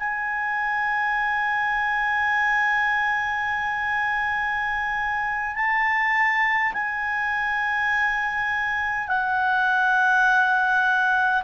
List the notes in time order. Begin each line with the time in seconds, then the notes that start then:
0.00 G#5
5.56 A5
6.74 G#5
9.08 F#5